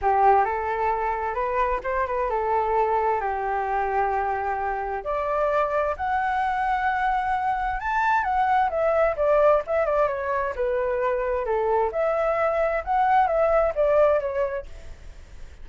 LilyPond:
\new Staff \with { instrumentName = "flute" } { \time 4/4 \tempo 4 = 131 g'4 a'2 b'4 | c''8 b'8 a'2 g'4~ | g'2. d''4~ | d''4 fis''2.~ |
fis''4 a''4 fis''4 e''4 | d''4 e''8 d''8 cis''4 b'4~ | b'4 a'4 e''2 | fis''4 e''4 d''4 cis''4 | }